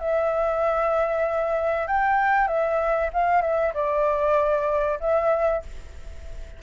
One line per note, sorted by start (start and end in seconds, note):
0.00 1.88 E5
1.88 2.47 G5
2.47 3.10 E5
3.13 3.41 F5
3.41 3.73 E5
3.74 4.99 D5
5.00 5.62 E5